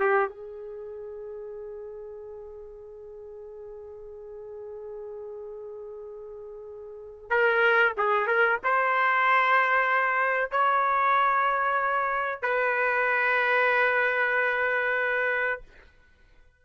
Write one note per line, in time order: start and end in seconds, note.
0.00 0.29 G4
0.29 7.30 G#4
7.30 7.94 A#4
7.98 8.27 G#4
8.27 8.59 A#4
8.64 10.51 C5
10.51 12.43 C#5
12.43 15.62 B4